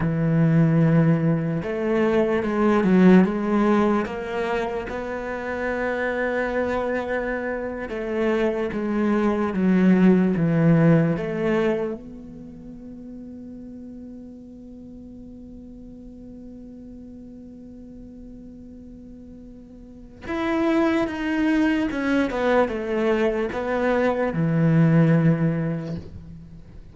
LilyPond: \new Staff \with { instrumentName = "cello" } { \time 4/4 \tempo 4 = 74 e2 a4 gis8 fis8 | gis4 ais4 b2~ | b4.~ b16 a4 gis4 fis16~ | fis8. e4 a4 b4~ b16~ |
b1~ | b1~ | b4 e'4 dis'4 cis'8 b8 | a4 b4 e2 | }